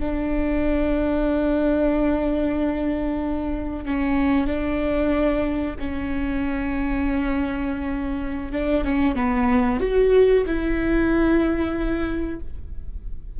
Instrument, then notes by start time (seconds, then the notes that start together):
viola
0.00 D4
3.85 C#4
4.48 D4
5.79 C#4
8.52 D4
8.85 C#4
9.16 B3
9.81 F#4
10.46 E4